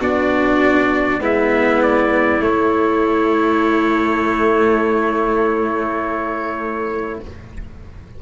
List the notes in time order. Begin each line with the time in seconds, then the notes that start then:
0.00 B3 D4 F#4 D5
1.20 G#3 B3 E4 E5
1.82 D5
2.40 A3 C#5